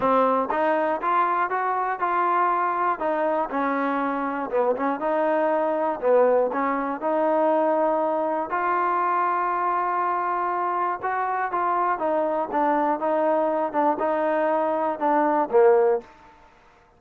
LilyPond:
\new Staff \with { instrumentName = "trombone" } { \time 4/4 \tempo 4 = 120 c'4 dis'4 f'4 fis'4 | f'2 dis'4 cis'4~ | cis'4 b8 cis'8 dis'2 | b4 cis'4 dis'2~ |
dis'4 f'2.~ | f'2 fis'4 f'4 | dis'4 d'4 dis'4. d'8 | dis'2 d'4 ais4 | }